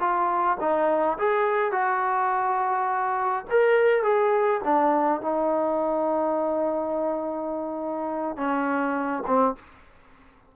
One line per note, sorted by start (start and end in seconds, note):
0.00 0.58 F4
0.60 1.18 D#4
1.19 1.72 G#4
1.72 3.45 F#4
3.51 4.03 A#4
4.03 4.61 G#4
4.65 5.22 D4
5.22 8.37 D#4
8.37 9.24 C#4
9.27 9.56 C4